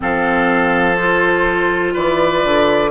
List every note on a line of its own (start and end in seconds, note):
0.00 1.95 F3
0.00 0.96 C4
0.00 1.93 A4
0.00 0.96 F5
0.96 2.90 F4
0.96 1.93 C5
1.93 2.44 E3
1.93 2.90 B4
1.93 2.90 D5
2.44 2.90 D3